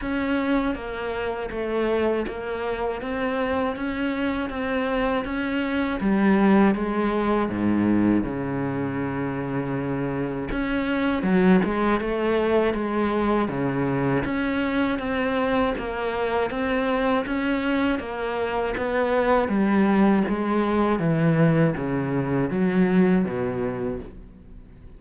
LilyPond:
\new Staff \with { instrumentName = "cello" } { \time 4/4 \tempo 4 = 80 cis'4 ais4 a4 ais4 | c'4 cis'4 c'4 cis'4 | g4 gis4 gis,4 cis4~ | cis2 cis'4 fis8 gis8 |
a4 gis4 cis4 cis'4 | c'4 ais4 c'4 cis'4 | ais4 b4 g4 gis4 | e4 cis4 fis4 b,4 | }